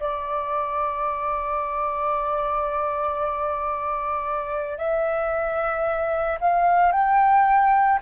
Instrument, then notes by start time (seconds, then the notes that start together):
flute
0.00 D5
4.78 E5
6.40 F5
6.92 G5